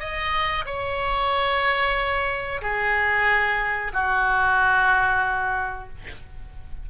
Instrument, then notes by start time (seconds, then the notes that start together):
oboe
0.00 D#5
0.66 C#5
2.62 G#4
3.94 F#4